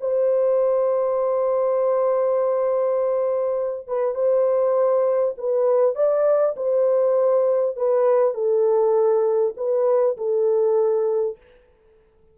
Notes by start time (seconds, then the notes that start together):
0.00 C5
3.87 B4
4.15 C5
5.38 B4
5.95 D5
6.56 C5
7.76 B4
8.34 A4
9.56 B4
10.17 A4